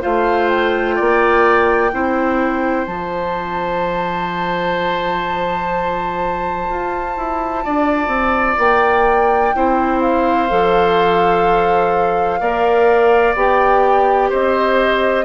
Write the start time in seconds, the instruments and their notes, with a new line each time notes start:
0.00 bassoon A3, clarinet F4, oboe C5, flute F5
0.49 flute G5
0.95 bassoon A#3, oboe D5
1.92 bassoon C4, clarinet E4, oboe C5
2.86 bassoon F3, clarinet F4, flute A5
6.69 bassoon F4
7.17 bassoon E4
7.65 bassoon D4, oboe D5
8.07 bassoon C4
8.58 bassoon A#3, flute G5
9.54 bassoon C4, clarinet E4, oboe C5
10.01 flute F5
10.49 bassoon F3, clarinet A4
12.40 bassoon A#3, clarinet A#4, oboe D5
13.35 bassoon B3, clarinet G4, flute G5
14.29 bassoon C4, oboe C5, flute D#5